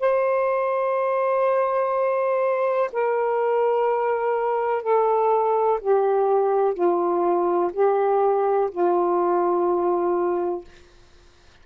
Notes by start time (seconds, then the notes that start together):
0.00 C5
2.93 A#4
4.83 A4
5.82 G4
6.74 F4
7.73 G4
8.71 F4